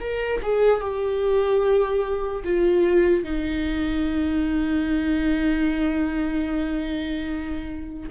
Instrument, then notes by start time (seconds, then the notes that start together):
viola
0.00 A#4
0.42 G#4
0.80 G4
2.44 F4
3.23 D#4